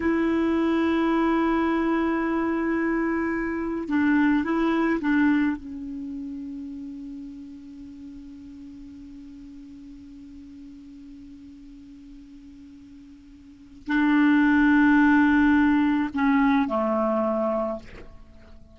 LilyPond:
\new Staff \with { instrumentName = "clarinet" } { \time 4/4 \tempo 4 = 108 e'1~ | e'2. d'4 | e'4 d'4 cis'2~ | cis'1~ |
cis'1~ | cis'1~ | cis'4 d'2.~ | d'4 cis'4 a2 | }